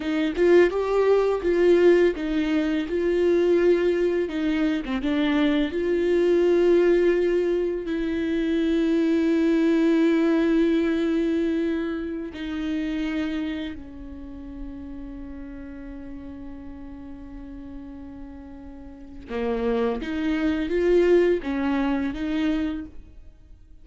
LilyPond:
\new Staff \with { instrumentName = "viola" } { \time 4/4 \tempo 4 = 84 dis'8 f'8 g'4 f'4 dis'4 | f'2 dis'8. c'16 d'4 | f'2. e'4~ | e'1~ |
e'4~ e'16 dis'2 cis'8.~ | cis'1~ | cis'2. ais4 | dis'4 f'4 cis'4 dis'4 | }